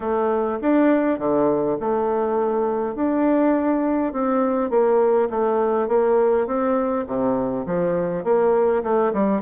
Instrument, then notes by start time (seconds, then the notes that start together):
bassoon
0.00 A3
0.61 D4
1.18 D3
1.80 A3
2.95 D4
4.12 C4
4.70 A#3
5.30 A3
5.87 A#3
6.47 C4
7.06 C3
7.66 F3
8.24 A#3
8.83 A3
9.13 G3